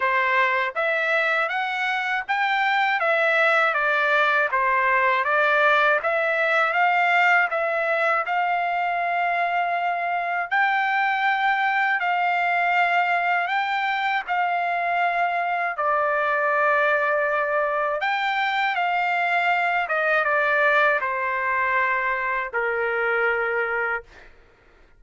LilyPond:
\new Staff \with { instrumentName = "trumpet" } { \time 4/4 \tempo 4 = 80 c''4 e''4 fis''4 g''4 | e''4 d''4 c''4 d''4 | e''4 f''4 e''4 f''4~ | f''2 g''2 |
f''2 g''4 f''4~ | f''4 d''2. | g''4 f''4. dis''8 d''4 | c''2 ais'2 | }